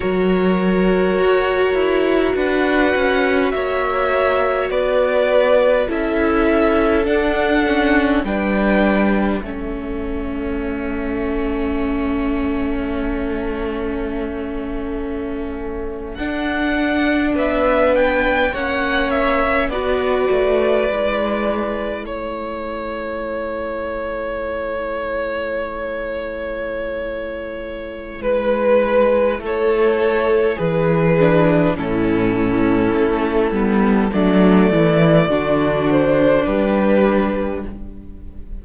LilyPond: <<
  \new Staff \with { instrumentName = "violin" } { \time 4/4 \tempo 4 = 51 cis''2 fis''4 e''4 | d''4 e''4 fis''4 g''4 | e''1~ | e''4.~ e''16 fis''4 e''8 g''8 fis''16~ |
fis''16 e''8 d''2 cis''4~ cis''16~ | cis''1 | b'4 cis''4 b'4 a'4~ | a'4 d''4. c''8 b'4 | }
  \new Staff \with { instrumentName = "violin" } { \time 4/4 ais'2 b'4 cis''4 | b'4 a'2 b'4 | a'1~ | a'2~ a'8. b'4 cis''16~ |
cis''8. b'2 a'4~ a'16~ | a'1 | b'4 a'4 gis'4 e'4~ | e'4 d'8 e'8 fis'4 g'4 | }
  \new Staff \with { instrumentName = "viola" } { \time 4/4 fis'1~ | fis'4 e'4 d'8 cis'8 d'4 | cis'1~ | cis'4.~ cis'16 d'2 cis'16~ |
cis'8. fis'4 e'2~ e'16~ | e'1~ | e'2~ e'8 d'8 cis'4~ | cis'8 b8 a4 d'2 | }
  \new Staff \with { instrumentName = "cello" } { \time 4/4 fis4 fis'8 e'8 d'8 cis'8 ais4 | b4 cis'4 d'4 g4 | a1~ | a4.~ a16 d'4 b4 ais16~ |
ais8. b8 a8 gis4 a4~ a16~ | a1 | gis4 a4 e4 a,4 | a8 g8 fis8 e8 d4 g4 | }
>>